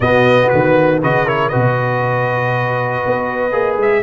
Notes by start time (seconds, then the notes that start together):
0.00 B2 B3 F#4 D#5
0.48 D#3 B4
1.00 C#3 F#4 B4 D#5
1.25 E4 A#4 C#5
1.48 B2 F#4 B4 D#5
3.05 B3
3.51 A#3 G#4
3.77 G#3 E5